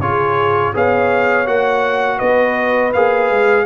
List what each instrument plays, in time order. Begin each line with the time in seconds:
0.00 tuba C#3, trombone F4, horn G#4, trumpet C#5
0.74 tuba B3, trombone G#4, horn C#5, trumpet F5
1.46 tuba A#3, trombone F#4, trumpet F#5
2.18 tuba B3, horn B4, trumpet D#5
2.93 tuba A#3, trombone G#4, trumpet F5
3.30 tuba G#3